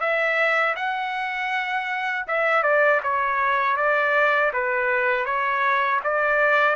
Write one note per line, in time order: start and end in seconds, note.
0.00 0.75 E5
0.76 2.26 F#5
2.27 2.63 E5
2.63 3.01 D5
3.03 3.77 C#5
3.77 4.52 D5
4.53 5.25 B4
5.25 6.00 C#5
6.04 6.75 D5